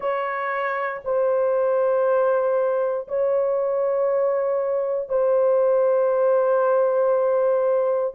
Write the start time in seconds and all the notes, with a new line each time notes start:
0.00 C#5
1.04 C5
3.07 C#5
5.08 C5